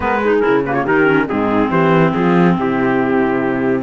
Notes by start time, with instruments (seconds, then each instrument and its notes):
0.00 cello G#3, clarinet B3, horn A#4, trumpet B4
0.22 clarinet D#4, horn G#4
0.40 clarinet E4, trumpet A#4
0.47 cello C#3
0.65 clarinet A#3, horn G4, trumpet B4
0.72 horn F4, trumpet C#5
0.84 cello D#3, clarinet D#4, horn G4, trumpet A#4
1.05 clarinet C#4
1.27 cello G#2, clarinet C4, horn D#4, trumpet G#4
1.69 cello E3, horn G4, trumpet C5
2.13 cello F3, horn F4, trumpet G#4
2.57 cello C3, horn E4, trumpet G4